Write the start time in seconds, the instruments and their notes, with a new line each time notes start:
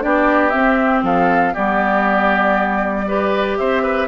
0.00 bassoon B3, clarinet D4, oboe G4, flute D5
0.50 clarinet C4, bassoon C4, flute E5
1.03 bassoon F3, oboe A4, flute F5
1.53 bassoon G3, clarinet B3, oboe G4, flute D5
3.07 clarinet G4, oboe B4
3.58 bassoon C4, oboe C5, flute E5
3.83 oboe B4